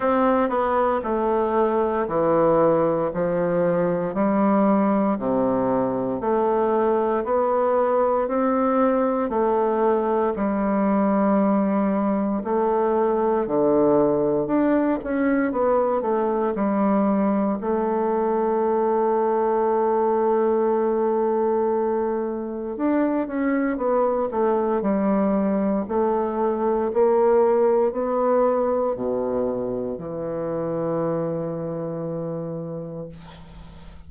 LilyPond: \new Staff \with { instrumentName = "bassoon" } { \time 4/4 \tempo 4 = 58 c'8 b8 a4 e4 f4 | g4 c4 a4 b4 | c'4 a4 g2 | a4 d4 d'8 cis'8 b8 a8 |
g4 a2.~ | a2 d'8 cis'8 b8 a8 | g4 a4 ais4 b4 | b,4 e2. | }